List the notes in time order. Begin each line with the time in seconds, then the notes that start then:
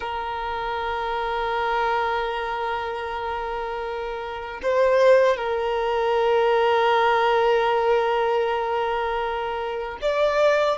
0.00 A#4
4.62 C5
5.37 A#4
10.01 D5